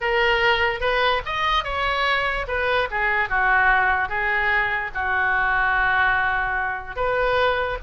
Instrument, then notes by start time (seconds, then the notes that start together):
oboe
0.00 A#4
0.80 B4
1.25 D#5
1.64 C#5
2.47 B4
2.90 G#4
3.29 F#4
4.08 G#4
4.94 F#4
6.95 B4